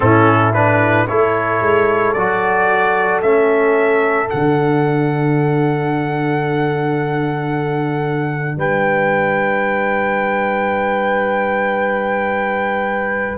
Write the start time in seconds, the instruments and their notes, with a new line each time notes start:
0.00 tuba A2, trombone C#4, horn E4, trumpet A4
0.53 trombone D4, trumpet B4
1.07 tuba A3, trombone E4, horn A4, trumpet C#5
1.61 tuba G#3
2.13 tuba F#3, trombone F#4, trumpet D5
3.21 tuba A3, trombone C#4, trumpet E5
4.27 trombone D4, trumpet F#5
4.33 tuba D3
8.57 tuba G3, horn B4, trumpet G5